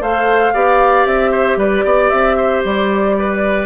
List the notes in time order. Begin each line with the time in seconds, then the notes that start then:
0.00 A3 A4 C5 F5
0.53 B3 G4 D5
1.05 C4 E5
1.31 C5
1.56 G3 B4 D5
1.84 B3 D5
2.09 C4 E5
2.37 C5
2.64 G3 D5
3.18 B4